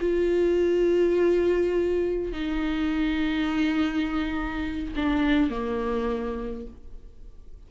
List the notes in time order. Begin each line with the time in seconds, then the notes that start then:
0.00 F4
2.31 D#4
4.95 D4
5.49 A#3